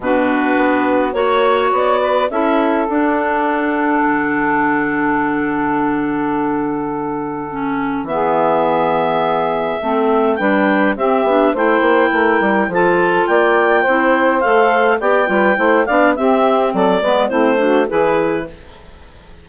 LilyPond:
<<
  \new Staff \with { instrumentName = "clarinet" } { \time 4/4 \tempo 4 = 104 b'2 cis''4 d''4 | e''4 fis''2.~ | fis''1~ | fis''2 e''2~ |
e''2 g''4 e''4 | g''2 a''4 g''4~ | g''4 f''4 g''4. f''8 | e''4 d''4 c''4 b'4 | }
  \new Staff \with { instrumentName = "saxophone" } { \time 4/4 fis'2 cis''4. b'8 | a'1~ | a'1~ | a'2 gis'2~ |
gis'4 a'4 b'4 g'4 | c''4 ais'4 a'4 d''4 | c''2 d''8 b'8 c''8 d''8 | g'4 a'8 b'8 e'8 fis'8 gis'4 | }
  \new Staff \with { instrumentName = "clarinet" } { \time 4/4 d'2 fis'2 | e'4 d'2.~ | d'1~ | d'4 cis'4 b2~ |
b4 c'4 d'4 c'8 d'8 | e'2 f'2 | e'4 a'4 g'8 f'8 e'8 d'8 | c'4. b8 c'8 d'8 e'4 | }
  \new Staff \with { instrumentName = "bassoon" } { \time 4/4 b,4 b4 ais4 b4 | cis'4 d'2 d4~ | d1~ | d2 e2~ |
e4 a4 g4 c'8 b8 | a8 ais8 a8 g8 f4 ais4 | c'4 a4 b8 g8 a8 b8 | c'4 fis8 gis8 a4 e4 | }
>>